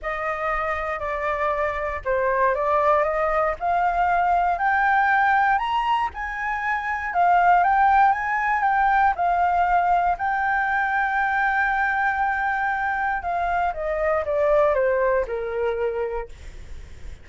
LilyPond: \new Staff \with { instrumentName = "flute" } { \time 4/4 \tempo 4 = 118 dis''2 d''2 | c''4 d''4 dis''4 f''4~ | f''4 g''2 ais''4 | gis''2 f''4 g''4 |
gis''4 g''4 f''2 | g''1~ | g''2 f''4 dis''4 | d''4 c''4 ais'2 | }